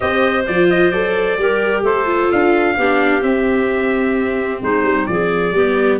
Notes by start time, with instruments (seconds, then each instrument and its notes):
0.00 tuba C4, viola G4, clarinet C5, trumpet D#5
0.46 tuba F3, viola F4, trumpet D5
0.70 trumpet D#5
0.90 tuba F#3, viola A4, trumpet D5
1.37 tuba G3, viola G4, clarinet A#4
1.83 tuba A3, clarinet A4, trumpet C5
2.05 viola F4
2.31 tuba D4, trumpet F5
2.77 tuba B3, viola D4, clarinet G4
3.21 viola C4, tuba C4, trumpet E5
4.62 tuba G#3, clarinet D#4, trumpet C5
4.82 tuba G3
5.06 tuba F3, clarinet G#4, trumpet D5
5.52 tuba G3, viola B3, clarinet G4